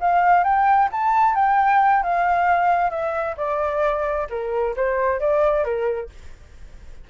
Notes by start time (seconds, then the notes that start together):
0.00 F5
0.44 G5
0.92 A5
1.35 G5
2.03 F5
2.90 E5
3.37 D5
4.30 A#4
4.76 C5
5.20 D5
5.64 A#4